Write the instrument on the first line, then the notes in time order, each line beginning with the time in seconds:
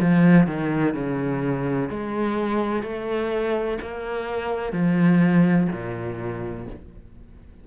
cello
0.00 F3
0.47 D#3
0.94 C#3
1.89 G#3
2.83 A3
3.81 A#3
4.72 F3
5.71 A#2